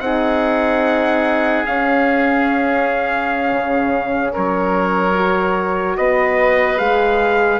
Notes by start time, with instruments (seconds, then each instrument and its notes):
0.00 bassoon C4, horn D#4, oboe G#4, trumpet F#5
1.66 bassoon C#4, horn C#4, trumpet F5
3.52 bassoon C#3
4.33 bassoon F#3, oboe A#4, trumpet C#5
5.15 horn F#4
5.97 bassoon B3, oboe B4, trumpet D#5
6.78 bassoon G#3, horn G#4, trumpet F5